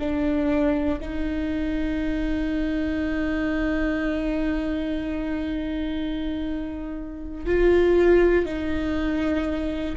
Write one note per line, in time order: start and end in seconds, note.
0.00 1.00 D4
1.01 7.46 D#4
7.46 8.46 F4
8.46 9.96 D#4